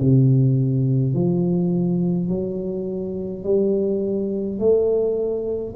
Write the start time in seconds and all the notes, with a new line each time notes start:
0.00 C3
1.14 F3
2.29 F#3
3.44 G3
4.59 A3